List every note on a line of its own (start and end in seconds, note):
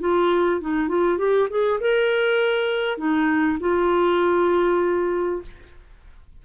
0.00 0.61 F4
0.61 0.88 D#4
0.88 1.18 F4
1.18 1.48 G4
1.50 1.80 G#4
1.80 2.98 A#4
2.98 3.58 D#4
3.60 5.42 F4